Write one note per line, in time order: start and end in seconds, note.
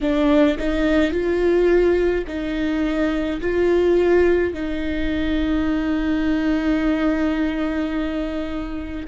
0.01 0.57 D4
0.58 1.11 D#4
1.11 2.24 F4
2.27 3.40 D#4
3.41 4.53 F4
4.53 9.06 D#4